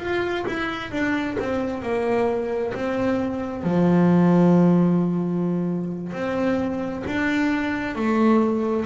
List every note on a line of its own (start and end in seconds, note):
0.00 0.45 F4
0.48 0.92 E4
0.92 1.38 D4
1.40 1.83 C4
1.83 2.74 A#3
2.75 3.64 C4
3.64 6.13 F3
6.13 7.04 C4
7.07 7.96 D4
7.96 8.86 A3